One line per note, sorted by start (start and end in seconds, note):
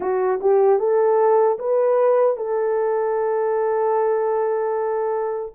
0.00 0.39 F#4
0.41 0.79 G4
0.79 1.58 A4
1.58 2.36 B4
2.36 5.52 A4